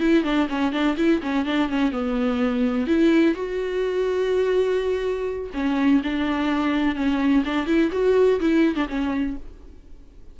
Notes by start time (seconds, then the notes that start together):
0.00 E4
0.24 D4
0.49 C#4
0.72 D4
0.98 E4
1.23 C#4
1.46 D4
1.69 C#4
1.92 B3
2.87 E4
3.35 F#4
5.54 C#4
6.04 D4
6.96 C#4
7.46 D4
7.67 E4
7.92 F#4
8.41 E4
8.76 D4
8.89 C#4